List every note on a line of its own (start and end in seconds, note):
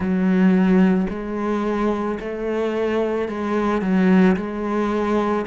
0.00 1.07 F#3
1.09 2.18 G#3
2.19 3.28 A3
3.28 3.81 G#3
3.81 4.36 F#3
4.36 5.45 G#3